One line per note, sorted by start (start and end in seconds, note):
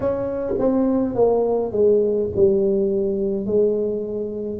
0.00 0.53 C#4
0.58 1.14 C4
1.14 1.72 A#3
1.72 2.29 G#3
2.35 3.46 G3
3.46 4.59 G#3